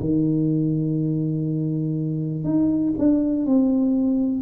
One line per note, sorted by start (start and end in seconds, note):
0.00 2.44 D#3
2.44 2.93 D#4
2.98 3.46 D4
3.46 4.42 C4